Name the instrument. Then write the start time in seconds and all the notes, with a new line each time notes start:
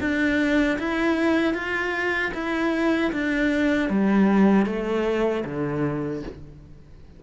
cello
0.00 D4
0.78 E4
1.54 F4
2.34 E4
3.12 D4
3.89 G3
4.66 A3
5.44 D3